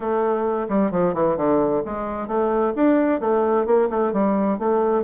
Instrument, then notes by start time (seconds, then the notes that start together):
bassoon
0.00 A3
0.68 G3
0.91 F3
1.13 E3
1.36 D3
1.85 G#3
2.27 A3
2.75 D4
3.20 A3
3.66 A#3
3.90 A3
4.12 G3
4.58 A3